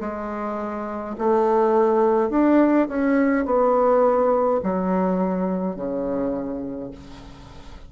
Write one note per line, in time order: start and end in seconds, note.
0.00 1.15 G#3
1.17 2.30 A3
2.30 2.87 D4
2.87 3.45 C#4
3.45 4.60 B3
4.63 5.75 F#3
5.75 6.91 C#3